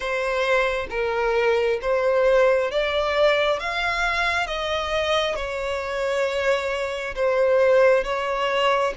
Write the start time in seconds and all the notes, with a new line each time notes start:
0.00 C5
0.90 A#4
1.81 C5
2.71 D5
3.59 F5
4.47 D#5
5.35 C#5
7.15 C5
8.04 C#5